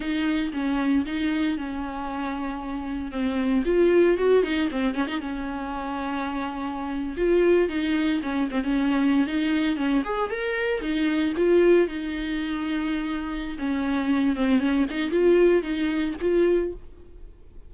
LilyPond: \new Staff \with { instrumentName = "viola" } { \time 4/4 \tempo 4 = 115 dis'4 cis'4 dis'4 cis'4~ | cis'2 c'4 f'4 | fis'8 dis'8 c'8 cis'16 dis'16 cis'2~ | cis'4.~ cis'16 f'4 dis'4 cis'16~ |
cis'16 c'16 cis'4~ cis'16 dis'4 cis'8 gis'8 ais'16~ | ais'8. dis'4 f'4 dis'4~ dis'16~ | dis'2 cis'4. c'8 | cis'8 dis'8 f'4 dis'4 f'4 | }